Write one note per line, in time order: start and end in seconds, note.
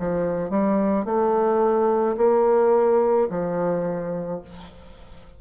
0.00 0.50 F3
0.50 1.06 G3
1.06 2.17 A3
2.17 3.28 A#3
3.30 4.41 F3